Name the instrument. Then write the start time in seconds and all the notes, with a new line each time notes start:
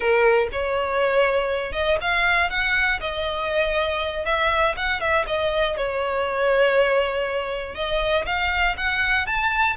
violin
0.00 A#4
0.52 C#5
1.72 D#5
2.01 F5
2.50 F#5
3.00 D#5
4.25 E5
4.76 F#5
5.00 E5
5.26 D#5
5.76 C#5
7.75 D#5
8.25 F5
8.77 F#5
9.26 A5